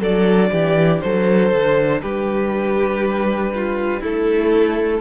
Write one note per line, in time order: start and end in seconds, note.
0.00 0.50 F#3
0.00 5.01 D4
0.00 0.50 A4
0.00 1.01 D5
0.51 1.01 E3
0.51 1.01 G4
1.01 1.52 F#3
1.01 2.02 A4
1.01 2.01 C5
1.52 2.02 D3
2.02 4.03 G3
2.02 3.52 G4
2.02 4.02 B4
3.55 4.00 F4
4.00 5.01 A3
4.00 5.00 E4
4.00 5.01 A4